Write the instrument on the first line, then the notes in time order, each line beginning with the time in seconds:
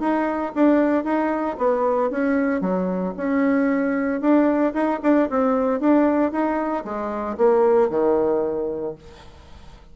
bassoon
0.00 D#4
0.55 D4
1.05 D#4
1.58 B3
2.11 C#4
2.61 F#3
3.17 C#4
4.21 D4
4.74 D#4
5.03 D4
5.30 C4
5.80 D4
6.32 D#4
6.85 G#3
7.38 A#3
7.90 D#3